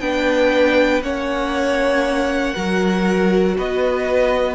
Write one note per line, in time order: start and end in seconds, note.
0.00 1.01 B3
0.00 1.03 D4
0.00 1.04 B4
0.00 1.02 G5
1.01 2.54 A#3
1.01 2.56 C#4
1.01 2.54 C#5
1.01 3.57 F#5
2.54 3.58 F#3
2.54 4.56 F#4
2.54 3.56 A#4
3.58 4.56 B3
3.58 4.56 B4
3.58 4.56 D#5